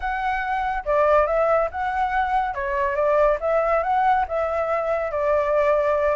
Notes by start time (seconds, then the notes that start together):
0.00 F#5
0.85 D5
1.26 E5
1.71 F#5
2.54 C#5
2.95 D5
3.40 E5
3.83 F#5
4.28 E5
5.11 D5